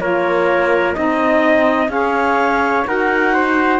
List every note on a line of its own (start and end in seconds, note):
0.00 0.96 A#3
0.00 0.95 F4
0.00 0.96 A#4
0.00 0.94 C#5
0.94 1.89 C4
0.94 1.89 D#4
0.94 1.89 D#5
0.94 1.91 D#5
1.89 2.84 C#4
1.89 2.85 G#4
1.89 2.88 C#5
1.89 2.86 F5
2.87 3.80 D#4
2.87 3.80 F#4
2.87 3.34 A#4
2.87 3.80 F#5
3.34 3.80 C5